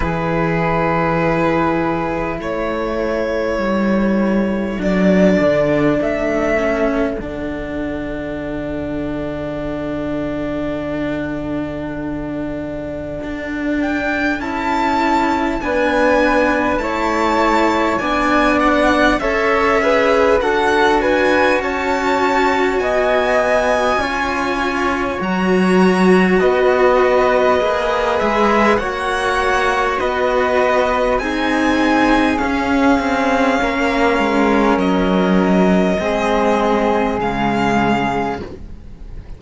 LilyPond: <<
  \new Staff \with { instrumentName = "violin" } { \time 4/4 \tempo 4 = 50 b'2 cis''2 | d''4 e''4 fis''2~ | fis''2.~ fis''8 g''8 | a''4 gis''4 a''4 gis''8 fis''8 |
e''4 fis''8 gis''8 a''4 gis''4~ | gis''4 ais''4 dis''4. e''8 | fis''4 dis''4 gis''4 f''4~ | f''4 dis''2 f''4 | }
  \new Staff \with { instrumentName = "flute" } { \time 4/4 gis'2 a'2~ | a'1~ | a'1~ | a'4 b'4 cis''4 d''4 |
cis''8 b'8 a'8 b'8 cis''4 dis''4 | cis''2 b'2 | cis''4 b'4 gis'2 | ais'2 gis'2 | }
  \new Staff \with { instrumentName = "cello" } { \time 4/4 e'1 | d'4. cis'8 d'2~ | d'1 | e'4 d'4 e'4 d'4 |
a'8 gis'8 fis'2. | f'4 fis'2 gis'4 | fis'2 dis'4 cis'4~ | cis'2 c'4 gis4 | }
  \new Staff \with { instrumentName = "cello" } { \time 4/4 e2 a4 g4 | fis8 d8 a4 d2~ | d2. d'4 | cis'4 b4 a4 b4 |
cis'4 d'4 cis'4 b4 | cis'4 fis4 b4 ais8 gis8 | ais4 b4 c'4 cis'8 c'8 | ais8 gis8 fis4 gis4 cis4 | }
>>